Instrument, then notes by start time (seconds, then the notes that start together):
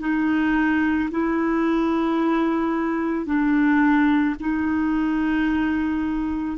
clarinet
0.00 D#4
1.11 E4
3.26 D4
4.40 D#4